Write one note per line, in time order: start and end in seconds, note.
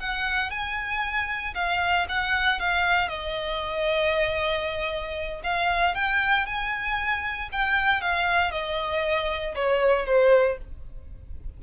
0.00 0.51 F#5
0.51 1.54 G#5
1.55 2.07 F5
2.09 2.60 F#5
2.60 3.09 F5
3.09 5.42 D#5
5.44 5.95 F5
5.95 6.46 G5
6.46 7.50 G#5
7.52 8.02 G5
8.02 8.52 F5
8.52 9.55 D#5
9.56 10.07 C#5
10.07 10.58 C5